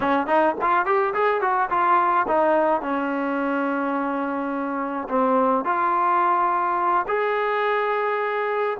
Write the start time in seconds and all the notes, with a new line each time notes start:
0.00 C#4
0.27 D#4
0.61 F4
0.85 G4
1.13 G#4
1.41 F#4
1.70 F4
2.27 D#4
2.81 C#4
5.08 C4
5.64 F4
7.07 G#4